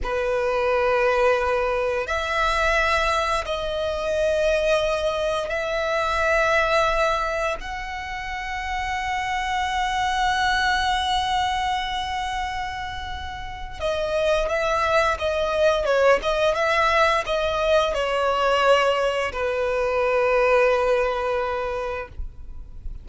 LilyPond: \new Staff \with { instrumentName = "violin" } { \time 4/4 \tempo 4 = 87 b'2. e''4~ | e''4 dis''2. | e''2. fis''4~ | fis''1~ |
fis''1 | dis''4 e''4 dis''4 cis''8 dis''8 | e''4 dis''4 cis''2 | b'1 | }